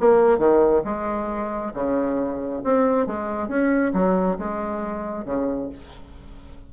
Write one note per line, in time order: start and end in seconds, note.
0.00 0.38 A#3
0.38 0.82 D#3
0.84 1.72 G#3
1.74 2.62 C#3
2.64 3.06 C4
3.06 3.48 G#3
3.48 3.92 C#4
3.93 4.37 F#3
4.38 5.25 G#3
5.25 5.69 C#3